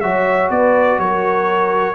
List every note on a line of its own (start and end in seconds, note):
0.00 0.50 F#3
0.00 1.95 F#4
0.00 0.51 C#5
0.00 0.49 E5
0.50 0.98 B3
0.50 1.00 B4
0.50 0.99 D5
0.98 1.95 F#3
0.98 1.95 A#4
0.98 1.95 C#5